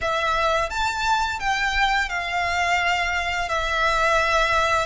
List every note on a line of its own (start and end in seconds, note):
0.01 0.70 E5
0.70 1.39 A5
1.39 2.09 G5
2.09 3.48 F5
3.48 4.86 E5